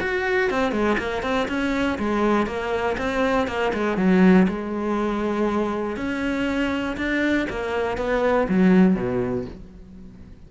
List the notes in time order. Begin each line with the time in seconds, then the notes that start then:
0.00 F#4
0.50 C4
0.72 G#3
0.98 A#3
1.22 C4
1.48 C#4
1.99 G#3
2.47 A#3
2.97 C4
3.47 A#3
3.73 G#3
3.97 F#3
4.48 G#3
5.97 C#4
6.97 D4
7.50 A#3
7.97 B3
8.48 F#3
8.95 B2